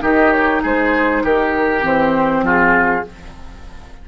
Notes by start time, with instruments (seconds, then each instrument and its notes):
0.00 bassoon D#3, clarinet D#4, oboe G4, flute D#5
0.32 flute C#5
0.62 bassoon G#3, oboe G#4, flute C5
1.23 bassoon D#3, oboe G4, flute A#4
1.81 bassoon E3, clarinet C4, flute C5
2.42 bassoon F3, oboe F4, flute G#4